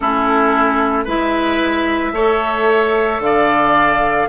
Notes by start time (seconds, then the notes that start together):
0.00 A3 C#4 E4 A4
1.04 G#3 E4 B4 E5
2.12 A3 A4 C#5
3.19 D3 F5
3.25 D5